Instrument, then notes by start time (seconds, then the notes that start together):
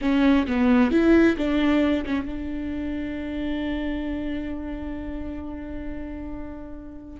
viola
0.01 C#4
0.47 B3
0.91 E4
1.37 D4
2.05 C#4
2.25 D4